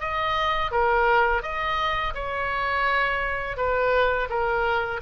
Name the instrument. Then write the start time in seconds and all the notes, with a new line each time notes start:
oboe
0.00 D#5
0.71 A#4
1.42 D#5
2.14 C#5
3.57 B4
4.30 A#4